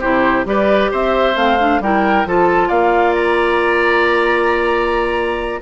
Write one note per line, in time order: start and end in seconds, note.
0.00 0.45 C3
0.00 0.45 E4
0.00 0.45 G4
0.00 0.46 C5
0.45 0.90 G3
0.45 1.35 G4
0.45 0.91 B4
0.45 0.92 D5
0.91 1.36 C4
0.91 1.81 C5
0.91 1.37 E5
1.36 1.80 A3
1.36 1.58 C4
1.36 1.82 F5
1.59 1.81 D4
1.80 2.25 G3
1.80 2.26 E4
1.80 2.27 A#4
1.80 2.27 G5
2.26 2.70 F3
2.26 5.61 F4
2.26 2.68 A4
2.26 2.69 A5
2.68 5.61 A#3
2.68 5.59 D5
2.68 3.13 F5
3.15 5.61 A#5